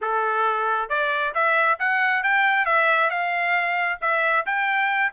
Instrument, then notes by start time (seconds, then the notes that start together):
trumpet
0.01 A4
0.89 D5
1.34 E5
1.79 F#5
2.23 G5
2.65 E5
3.09 F5
4.01 E5
4.46 G5